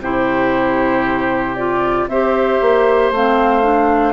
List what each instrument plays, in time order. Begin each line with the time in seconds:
0.00 bassoon C3, clarinet E4, oboe G4, flute C5
1.56 clarinet F4, flute D5
2.08 bassoon C4, clarinet G4, oboe C5, flute E5
2.61 bassoon A#3
3.11 bassoon A3, clarinet C4, flute F5
3.62 clarinet D4